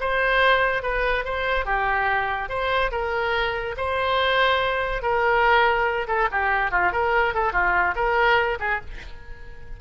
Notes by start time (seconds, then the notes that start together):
0.00 C5
0.83 B4
1.25 C5
1.65 G4
2.49 C5
2.91 A#4
3.76 C5
5.02 A#4
6.07 A4
6.31 G4
6.71 F4
6.92 A#4
7.34 A4
7.53 F4
7.95 A#4
8.59 G#4